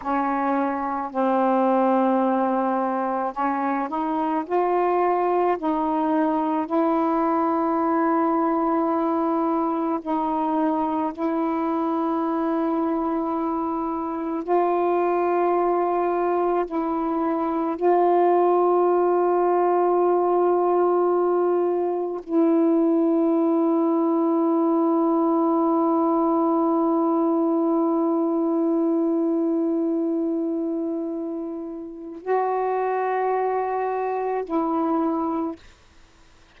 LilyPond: \new Staff \with { instrumentName = "saxophone" } { \time 4/4 \tempo 4 = 54 cis'4 c'2 cis'8 dis'8 | f'4 dis'4 e'2~ | e'4 dis'4 e'2~ | e'4 f'2 e'4 |
f'1 | e'1~ | e'1~ | e'4 fis'2 e'4 | }